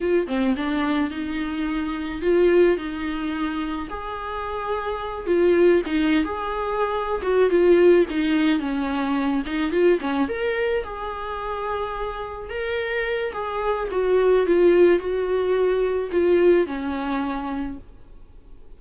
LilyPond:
\new Staff \with { instrumentName = "viola" } { \time 4/4 \tempo 4 = 108 f'8 c'8 d'4 dis'2 | f'4 dis'2 gis'4~ | gis'4. f'4 dis'8. gis'8.~ | gis'4 fis'8 f'4 dis'4 cis'8~ |
cis'4 dis'8 f'8 cis'8 ais'4 gis'8~ | gis'2~ gis'8 ais'4. | gis'4 fis'4 f'4 fis'4~ | fis'4 f'4 cis'2 | }